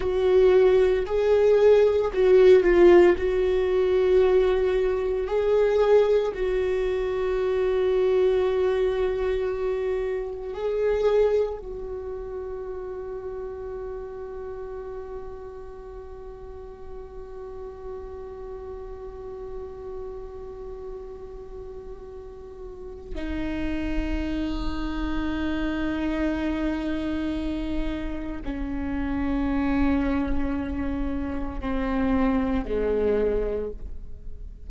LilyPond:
\new Staff \with { instrumentName = "viola" } { \time 4/4 \tempo 4 = 57 fis'4 gis'4 fis'8 f'8 fis'4~ | fis'4 gis'4 fis'2~ | fis'2 gis'4 fis'4~ | fis'1~ |
fis'1~ | fis'2 dis'2~ | dis'2. cis'4~ | cis'2 c'4 gis4 | }